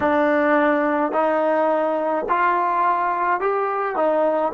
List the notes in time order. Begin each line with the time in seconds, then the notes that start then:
0.00 D4
1.12 D#4
2.29 F4
3.40 G4
3.96 D#4